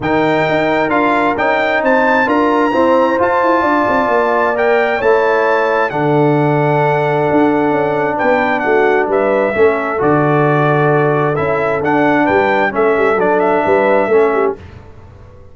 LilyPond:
<<
  \new Staff \with { instrumentName = "trumpet" } { \time 4/4 \tempo 4 = 132 g''2 f''4 g''4 | a''4 ais''2 a''4~ | a''2 g''4 a''4~ | a''4 fis''2.~ |
fis''2 g''4 fis''4 | e''2 d''2~ | d''4 e''4 fis''4 g''4 | e''4 d''8 e''2~ e''8 | }
  \new Staff \with { instrumentName = "horn" } { \time 4/4 ais'1 | c''4 ais'4 c''2 | d''2. cis''4~ | cis''4 a'2.~ |
a'2 b'4 fis'4 | b'4 a'2.~ | a'2. b'4 | a'2 b'4 a'8 g'8 | }
  \new Staff \with { instrumentName = "trombone" } { \time 4/4 dis'2 f'4 dis'4~ | dis'4 f'4 c'4 f'4~ | f'2 ais'4 e'4~ | e'4 d'2.~ |
d'1~ | d'4 cis'4 fis'2~ | fis'4 e'4 d'2 | cis'4 d'2 cis'4 | }
  \new Staff \with { instrumentName = "tuba" } { \time 4/4 dis4 dis'4 d'4 cis'4 | c'4 d'4 e'4 f'8 e'8 | d'8 c'8 ais2 a4~ | a4 d2. |
d'4 cis'4 b4 a4 | g4 a4 d2~ | d4 cis'4 d'4 g4 | a8 g8 fis4 g4 a4 | }
>>